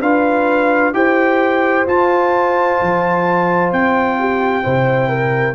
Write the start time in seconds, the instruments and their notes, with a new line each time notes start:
0.00 tuba D4, trombone F4, horn B4, trumpet F5
0.93 tuba E4, trombone G4, horn C5, trumpet G5
1.86 trombone F4, tuba F4, trumpet A5
2.82 tuba F3
3.72 tuba C4, trumpet G5
4.20 horn G4
4.63 tuba C3, trombone E4, horn C5
5.09 horn A#4